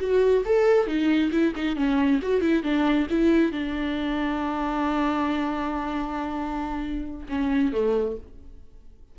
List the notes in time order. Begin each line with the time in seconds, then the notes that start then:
0.00 F#4
0.45 A4
0.87 D#4
1.31 E4
1.56 D#4
1.76 C#4
2.22 F#4
2.41 E4
2.63 D4
3.10 E4
3.52 D4
7.29 C#4
7.73 A3